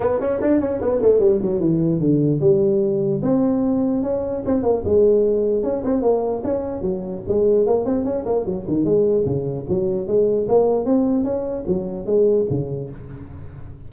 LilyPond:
\new Staff \with { instrumentName = "tuba" } { \time 4/4 \tempo 4 = 149 b8 cis'8 d'8 cis'8 b8 a8 g8 fis8 | e4 d4 g2 | c'2 cis'4 c'8 ais8 | gis2 cis'8 c'8 ais4 |
cis'4 fis4 gis4 ais8 c'8 | cis'8 ais8 fis8 dis8 gis4 cis4 | fis4 gis4 ais4 c'4 | cis'4 fis4 gis4 cis4 | }